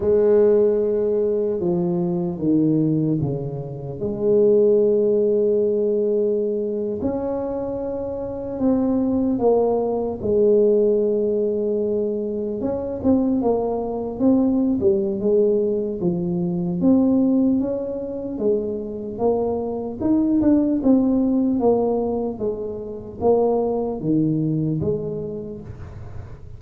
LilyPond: \new Staff \with { instrumentName = "tuba" } { \time 4/4 \tempo 4 = 75 gis2 f4 dis4 | cis4 gis2.~ | gis8. cis'2 c'4 ais16~ | ais8. gis2. cis'16~ |
cis'16 c'8 ais4 c'8. g8 gis4 | f4 c'4 cis'4 gis4 | ais4 dis'8 d'8 c'4 ais4 | gis4 ais4 dis4 gis4 | }